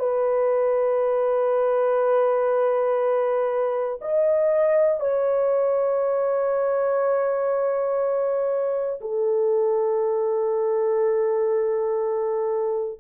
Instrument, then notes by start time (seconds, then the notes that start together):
horn
0.00 B4
4.02 D#5
5.01 C#5
9.01 A4